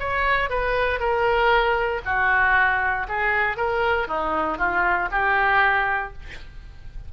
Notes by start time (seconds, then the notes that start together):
0.00 C#5
0.50 B4
1.00 A#4
2.06 F#4
3.09 G#4
3.57 A#4
4.08 D#4
4.59 F4
5.12 G4